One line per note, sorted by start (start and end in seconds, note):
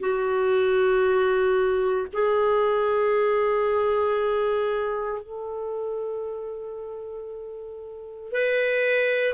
0.00 2.07 F#4
2.13 5.22 G#4
5.22 8.32 A4
8.32 9.34 B4